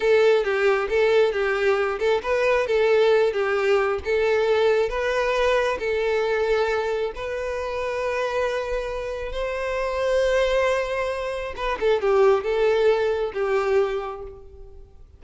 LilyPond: \new Staff \with { instrumentName = "violin" } { \time 4/4 \tempo 4 = 135 a'4 g'4 a'4 g'4~ | g'8 a'8 b'4 a'4. g'8~ | g'4 a'2 b'4~ | b'4 a'2. |
b'1~ | b'4 c''2.~ | c''2 b'8 a'8 g'4 | a'2 g'2 | }